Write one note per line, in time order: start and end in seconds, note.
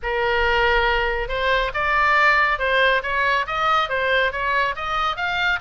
0.02 1.28 A#4
1.28 1.71 C5
1.73 2.58 D5
2.58 3.01 C5
3.02 3.45 C#5
3.46 3.89 D#5
3.89 4.32 C5
4.32 4.75 C#5
4.75 5.16 D#5
5.16 5.59 F5